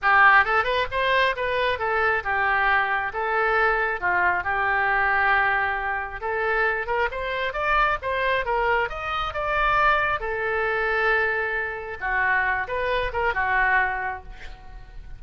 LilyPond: \new Staff \with { instrumentName = "oboe" } { \time 4/4 \tempo 4 = 135 g'4 a'8 b'8 c''4 b'4 | a'4 g'2 a'4~ | a'4 f'4 g'2~ | g'2 a'4. ais'8 |
c''4 d''4 c''4 ais'4 | dis''4 d''2 a'4~ | a'2. fis'4~ | fis'8 b'4 ais'8 fis'2 | }